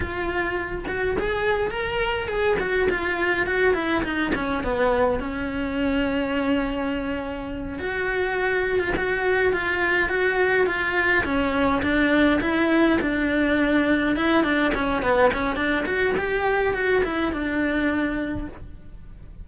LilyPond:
\new Staff \with { instrumentName = "cello" } { \time 4/4 \tempo 4 = 104 f'4. fis'8 gis'4 ais'4 | gis'8 fis'8 f'4 fis'8 e'8 dis'8 cis'8 | b4 cis'2.~ | cis'4. fis'4.~ fis'16 f'16 fis'8~ |
fis'8 f'4 fis'4 f'4 cis'8~ | cis'8 d'4 e'4 d'4.~ | d'8 e'8 d'8 cis'8 b8 cis'8 d'8 fis'8 | g'4 fis'8 e'8 d'2 | }